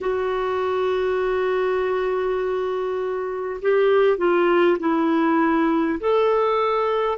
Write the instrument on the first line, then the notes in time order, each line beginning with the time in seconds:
clarinet
0.01 F#4
3.61 G4
4.17 F4
4.79 E4
6.00 A4